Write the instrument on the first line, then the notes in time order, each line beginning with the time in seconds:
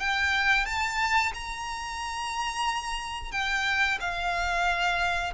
violin
0.00 G5
0.65 A5
1.34 A#5
3.32 G5
4.00 F5